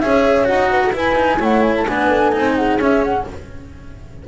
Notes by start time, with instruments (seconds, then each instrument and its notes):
0.00 double bass C#4, cello G#4, horn C#5, flute E5
0.45 double bass D#4, cello F#4, flute F#5
0.72 horn B4
0.84 horn A4
0.93 cello E4, double bass E4, horn B4, flute G#5
1.16 cello D#4
1.39 double bass A3, cello E4, horn C#5, flute F#5
1.62 flute G#5
1.77 flute A5
1.87 double bass B3, cello D4, horn B4, flute G#5
2.08 horn A4
2.32 double bass C4, cello D#4
2.56 horn G#4, flute F#5
2.78 double bass C#4, cello C#4, flute E5
3.04 flute F#5